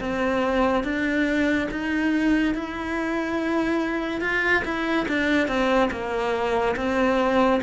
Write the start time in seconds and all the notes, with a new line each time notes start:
0.00 C4
0.84 D4
1.71 D#4
2.55 E4
4.21 F4
4.65 E4
5.09 D4
5.48 C4
5.91 A#3
6.76 C4